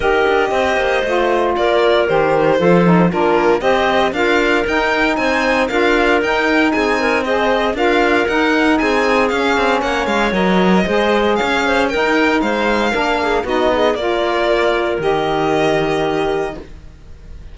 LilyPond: <<
  \new Staff \with { instrumentName = "violin" } { \time 4/4 \tempo 4 = 116 dis''2. d''4 | c''2 ais'4 dis''4 | f''4 g''4 gis''4 f''4 | g''4 gis''4 dis''4 f''4 |
fis''4 gis''4 f''4 fis''8 f''8 | dis''2 f''4 g''4 | f''2 dis''4 d''4~ | d''4 dis''2. | }
  \new Staff \with { instrumentName = "clarinet" } { \time 4/4 ais'4 c''2 ais'4~ | ais'4 a'4 f'4 c''4 | ais'2 c''4 ais'4~ | ais'4 gis'8 ais'8 c''4 ais'4~ |
ais'4 gis'2 cis''4~ | cis''4 c''4 cis''8 c''8 ais'4 | c''4 ais'8 gis'8 fis'8 gis'8 ais'4~ | ais'1 | }
  \new Staff \with { instrumentName = "saxophone" } { \time 4/4 g'2 f'2 | g'4 f'8 dis'8 d'4 g'4 | f'4 dis'2 f'4 | dis'2 gis'4 f'4 |
dis'2 cis'2 | ais'4 gis'2 dis'4~ | dis'4 d'4 dis'4 f'4~ | f'4 g'2. | }
  \new Staff \with { instrumentName = "cello" } { \time 4/4 dis'8 d'8 c'8 ais8 a4 ais4 | dis4 f4 ais4 c'4 | d'4 dis'4 c'4 d'4 | dis'4 c'2 d'4 |
dis'4 c'4 cis'8 c'8 ais8 gis8 | fis4 gis4 cis'4 dis'4 | gis4 ais4 b4 ais4~ | ais4 dis2. | }
>>